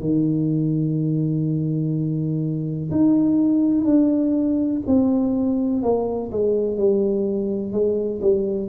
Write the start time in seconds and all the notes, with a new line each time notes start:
0.00 D#3
2.91 D#4
3.84 D4
4.87 C4
5.82 A#3
6.31 G#3
6.77 G3
7.72 G#3
8.21 G3